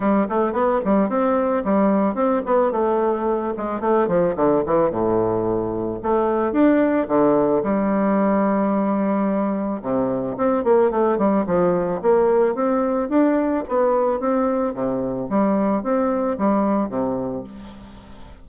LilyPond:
\new Staff \with { instrumentName = "bassoon" } { \time 4/4 \tempo 4 = 110 g8 a8 b8 g8 c'4 g4 | c'8 b8 a4. gis8 a8 f8 | d8 e8 a,2 a4 | d'4 d4 g2~ |
g2 c4 c'8 ais8 | a8 g8 f4 ais4 c'4 | d'4 b4 c'4 c4 | g4 c'4 g4 c4 | }